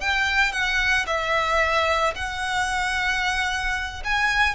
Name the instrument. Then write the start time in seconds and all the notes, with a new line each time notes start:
violin
0.00 G5
0.52 F#5
1.06 E5
2.15 F#5
4.04 G#5